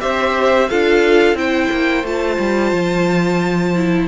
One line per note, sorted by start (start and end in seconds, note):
0.00 0.71 C4
0.00 0.68 G4
0.00 0.70 C5
0.00 0.69 E5
0.69 1.34 D4
0.69 1.36 F4
0.69 1.38 A4
0.69 1.37 F5
1.34 1.68 C4
1.34 2.04 E4
1.34 4.09 C5
1.34 2.06 G5
1.71 2.04 A#3
2.04 2.38 A3
2.04 3.76 F4
2.04 4.09 A5
2.39 2.72 G3
2.72 4.09 F3
3.76 4.09 E4